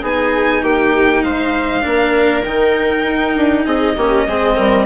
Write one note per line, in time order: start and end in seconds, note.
0.00 0.62 B3
0.00 1.81 D#4
0.00 0.61 G#4
0.00 0.64 G#5
0.62 1.23 A#3
0.62 1.23 G4
0.62 1.22 G5
1.22 1.84 G#3
1.22 1.84 C5
1.22 2.44 F5
1.81 2.44 A#3
1.81 2.41 D4
1.81 3.65 A#4
2.44 3.04 D#3
2.44 3.97 D#4
2.44 3.65 G5
3.05 3.35 D#4
3.36 3.65 D4
3.65 3.96 C4
3.65 3.95 G#4
3.65 4.85 D#5
3.96 4.26 A#3
3.96 4.28 C#4
3.96 4.27 G4
4.26 4.56 G#3
4.26 4.85 C4
4.26 4.56 G#4
4.56 4.85 G3
4.56 4.85 A#4